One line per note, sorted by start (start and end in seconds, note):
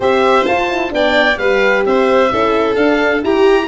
0.00 0.46 C4
0.00 0.45 G4
0.00 0.93 C5
0.00 0.45 E5
0.45 0.68 F4
0.45 0.92 F4
0.45 0.91 A5
0.69 0.89 E4
0.89 1.38 B3
0.89 1.35 D4
0.89 1.39 D5
0.89 1.37 G5
1.37 1.84 G3
1.37 2.29 G4
1.37 1.85 B4
1.37 1.84 F5
1.86 2.32 C4
1.86 2.32 C5
1.86 2.75 E5
2.29 2.76 C#4
2.29 2.74 E4
2.29 3.24 A4
2.74 3.20 D4
2.74 3.22 D4
2.74 3.21 F5
3.21 3.68 E4
3.21 3.67 G4
3.21 3.68 G4
3.21 3.68 A#5